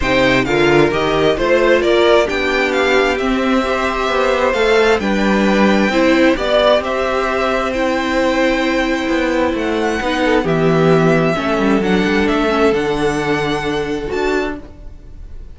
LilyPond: <<
  \new Staff \with { instrumentName = "violin" } { \time 4/4 \tempo 4 = 132 g''4 f''4 dis''4 c''4 | d''4 g''4 f''4 e''4~ | e''2 f''4 g''4~ | g''2 d''4 e''4~ |
e''4 g''2.~ | g''4 fis''2 e''4~ | e''2 fis''4 e''4 | fis''2. a''4 | }
  \new Staff \with { instrumentName = "violin" } { \time 4/4 c''4 ais'2 c''4 | ais'4 g'2. | c''2. b'4~ | b'4 c''4 d''4 c''4~ |
c''1~ | c''2 b'8 a'8 g'4~ | g'4 a'2.~ | a'1 | }
  \new Staff \with { instrumentName = "viola" } { \time 4/4 dis'4 f'4 g'4 f'4~ | f'4 d'2 c'4 | g'2 a'4 d'4~ | d'4 e'4 g'2~ |
g'4 e'2.~ | e'2 dis'4 b4~ | b4 cis'4 d'4. cis'8 | d'2. fis'4 | }
  \new Staff \with { instrumentName = "cello" } { \time 4/4 c4 d4 dis4 a4 | ais4 b2 c'4~ | c'4 b4 a4 g4~ | g4 c'4 b4 c'4~ |
c'1 | b4 a4 b4 e4~ | e4 a8 g8 fis8 g8 a4 | d2. d'4 | }
>>